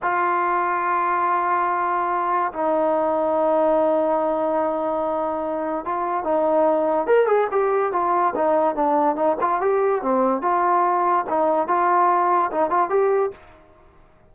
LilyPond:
\new Staff \with { instrumentName = "trombone" } { \time 4/4 \tempo 4 = 144 f'1~ | f'2 dis'2~ | dis'1~ | dis'2 f'4 dis'4~ |
dis'4 ais'8 gis'8 g'4 f'4 | dis'4 d'4 dis'8 f'8 g'4 | c'4 f'2 dis'4 | f'2 dis'8 f'8 g'4 | }